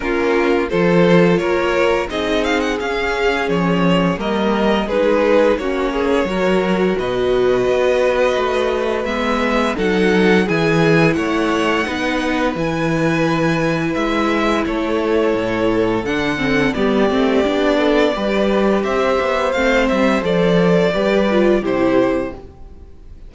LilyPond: <<
  \new Staff \with { instrumentName = "violin" } { \time 4/4 \tempo 4 = 86 ais'4 c''4 cis''4 dis''8 f''16 fis''16 | f''4 cis''4 dis''4 b'4 | cis''2 dis''2~ | dis''4 e''4 fis''4 gis''4 |
fis''2 gis''2 | e''4 cis''2 fis''4 | d''2. e''4 | f''8 e''8 d''2 c''4 | }
  \new Staff \with { instrumentName = "violin" } { \time 4/4 f'4 a'4 ais'4 gis'4~ | gis'2 ais'4 gis'4 | fis'8 gis'8 ais'4 b'2~ | b'2 a'4 gis'4 |
cis''4 b'2.~ | b'4 a'2. | g'4. a'8 b'4 c''4~ | c''2 b'4 g'4 | }
  \new Staff \with { instrumentName = "viola" } { \time 4/4 cis'4 f'2 dis'4 | cis'2 ais4 dis'4 | cis'4 fis'2.~ | fis'4 b4 dis'4 e'4~ |
e'4 dis'4 e'2~ | e'2. d'8 c'8 | b8 c'8 d'4 g'2 | c'4 a'4 g'8 f'8 e'4 | }
  \new Staff \with { instrumentName = "cello" } { \time 4/4 ais4 f4 ais4 c'4 | cis'4 f4 g4 gis4 | ais4 fis4 b,4 b4 | a4 gis4 fis4 e4 |
a4 b4 e2 | gis4 a4 a,4 d4 | g8 a8 b4 g4 c'8 b8 | a8 g8 f4 g4 c4 | }
>>